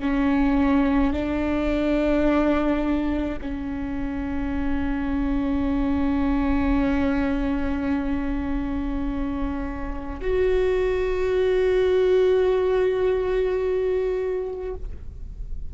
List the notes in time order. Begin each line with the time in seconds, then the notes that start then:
0.00 C#4
1.13 D4
3.41 C#4
10.21 F#4